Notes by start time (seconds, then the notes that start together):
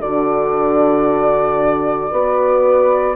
0.00 D3 D4 F#4 D5
2.11 B3 F#4 B4